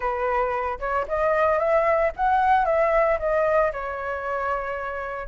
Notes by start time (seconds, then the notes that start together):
0.00 B4
0.79 C#5
1.08 D#5
1.58 E5
2.16 F#5
2.65 E5
3.19 D#5
3.72 C#5